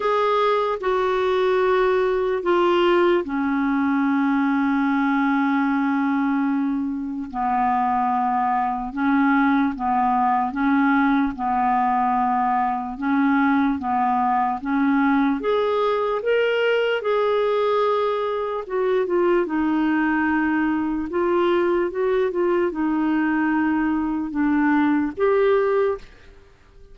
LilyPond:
\new Staff \with { instrumentName = "clarinet" } { \time 4/4 \tempo 4 = 74 gis'4 fis'2 f'4 | cis'1~ | cis'4 b2 cis'4 | b4 cis'4 b2 |
cis'4 b4 cis'4 gis'4 | ais'4 gis'2 fis'8 f'8 | dis'2 f'4 fis'8 f'8 | dis'2 d'4 g'4 | }